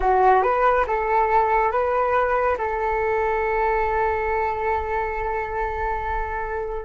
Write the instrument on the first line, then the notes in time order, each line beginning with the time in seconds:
flute
0.00 F#4
0.42 B4
0.87 A4
1.71 B4
2.58 A4